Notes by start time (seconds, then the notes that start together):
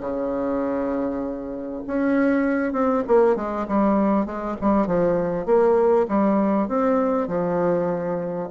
0.00 C#3
1.87 C#4
2.72 C4
3.07 A#3
3.36 G#3
3.67 G3
4.25 G#3
4.61 G3
4.87 F3
5.45 A#3
6.08 G3
6.68 C4
7.28 F3